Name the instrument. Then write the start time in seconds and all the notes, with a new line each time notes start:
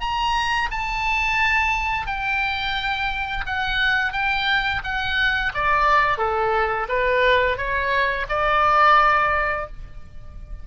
oboe
0.00 A#5
0.71 A5
2.07 G5
3.46 F#5
4.13 G5
4.84 F#5
5.54 D5
6.18 A4
6.88 B4
7.57 C#5
8.29 D5